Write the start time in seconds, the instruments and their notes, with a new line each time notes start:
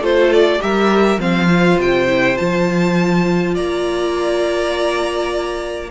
0.00 cello A3, viola F4, violin A4 C5
0.32 violin D5
0.59 cello G3, viola G4, violin A#4 E5
1.17 cello F3, viola C4, violin C5 F5
1.50 viola F4
1.78 cello C3, violin G5
2.07 viola E4
2.35 cello F3, viola F4, violin A5
3.54 cello A#3, violin D5 A#5